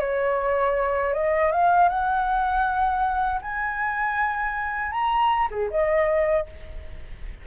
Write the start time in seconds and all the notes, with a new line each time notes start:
0.00 C#5
1.14 D#5
1.52 F5
1.90 F#5
3.42 G#5
4.92 A#5
5.51 G#4
5.71 D#5